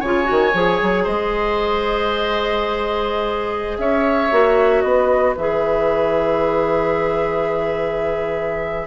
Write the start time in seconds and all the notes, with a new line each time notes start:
0.00 C#3 F4 C#5 G#5
0.24 F#4
0.30 D#3
0.54 F3 G#4
0.82 F#3
1.04 G#3 C5 D#5
3.78 C#4 C#5 E5
4.32 A#3 F#4
4.82 B3 B4 D#5
5.37 E3 G#4 E5